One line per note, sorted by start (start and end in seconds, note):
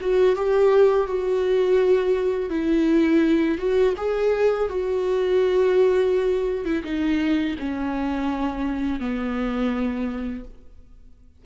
0.00 0.35 F#4
0.35 1.07 G4
1.07 2.49 F#4
2.49 3.58 E4
3.58 3.94 F#4
3.97 4.69 G#4
4.69 6.64 F#4
6.64 6.82 E4
6.83 7.55 D#4
7.58 8.99 C#4
8.99 10.44 B3